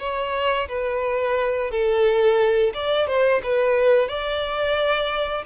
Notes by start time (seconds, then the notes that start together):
0.00 C#5
0.69 B4
1.71 A4
2.74 D5
3.07 C5
3.44 B4
4.08 D5